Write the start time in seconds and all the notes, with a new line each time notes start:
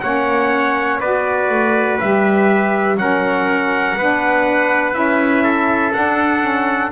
0.00 A#3 C#4 C#5 F#5
1.00 B3 F#4 B4 D5
1.49 A3
1.99 G3 G4 E5
2.97 F#3 C#4 A#4 F#5
3.97 B3 D4 B4
4.92 C#4 E4 E5
5.43 A4
5.93 D4 F#5
6.40 C#4